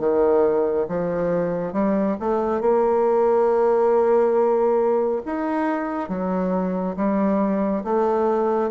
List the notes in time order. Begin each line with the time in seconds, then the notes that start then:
0.00 D#3
0.89 F3
1.73 G3
2.21 A3
2.62 A#3
5.26 D#4
6.09 F#3
6.97 G3
7.85 A3